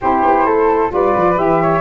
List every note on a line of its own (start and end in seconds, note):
0.01 0.23 C4
0.01 0.89 E4
0.01 0.46 G4
0.01 0.92 C5
0.23 0.46 B3
0.46 0.91 A3
0.46 0.91 A4
0.89 1.14 G3
0.89 1.34 F4
0.89 1.62 B4
0.89 1.38 D5
1.15 1.38 F3
1.35 1.80 E3
1.35 1.80 G4
1.35 1.80 E5
1.62 1.80 C#5